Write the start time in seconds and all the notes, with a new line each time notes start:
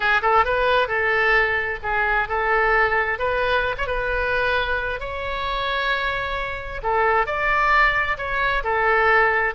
0.00 G#4
0.22 A4
0.44 B4
0.88 A4
1.83 G#4
2.28 A4
3.18 B4
3.77 C#5
3.86 B4
4.99 C#5
6.83 A4
7.26 D5
8.17 C#5
8.63 A4